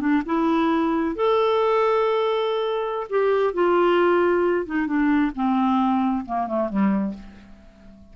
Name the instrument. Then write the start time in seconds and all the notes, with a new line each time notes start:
clarinet
0.00 D4
0.25 E4
1.16 A4
3.09 G4
3.54 F4
4.66 D#4
4.87 D4
5.35 C4
6.25 A#3
6.47 A3
6.69 G3